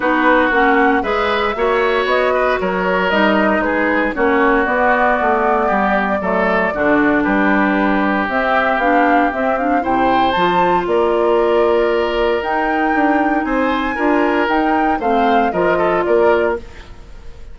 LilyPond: <<
  \new Staff \with { instrumentName = "flute" } { \time 4/4 \tempo 4 = 116 b'4 fis''4 e''2 | dis''4 cis''4 dis''4 b'4 | cis''4 d''2.~ | d''2 b'2 |
e''4 f''4 e''8 f''8 g''4 | a''4 d''2. | g''2 gis''2 | g''4 f''4 dis''4 d''4 | }
  \new Staff \with { instrumentName = "oboe" } { \time 4/4 fis'2 b'4 cis''4~ | cis''8 b'8 ais'2 gis'4 | fis'2. g'4 | a'4 fis'4 g'2~ |
g'2. c''4~ | c''4 ais'2.~ | ais'2 c''4 ais'4~ | ais'4 c''4 ais'8 a'8 ais'4 | }
  \new Staff \with { instrumentName = "clarinet" } { \time 4/4 dis'4 cis'4 gis'4 fis'4~ | fis'2 dis'2 | cis'4 b2. | a4 d'2. |
c'4 d'4 c'8 d'8 e'4 | f'1 | dis'2. f'4 | dis'4 c'4 f'2 | }
  \new Staff \with { instrumentName = "bassoon" } { \time 4/4 b4 ais4 gis4 ais4 | b4 fis4 g4 gis4 | ais4 b4 a4 g4 | fis4 d4 g2 |
c'4 b4 c'4 c4 | f4 ais2. | dis'4 d'4 c'4 d'4 | dis'4 a4 f4 ais4 | }
>>